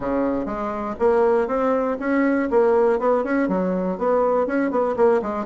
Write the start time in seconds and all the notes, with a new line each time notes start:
0.00 C#3
0.45 G#3
0.99 A#3
1.47 C4
1.99 C#4
2.50 A#3
2.99 B3
3.24 C#4
3.48 F#3
3.98 B3
4.46 C#4
4.71 B3
4.96 A#3
5.22 G#3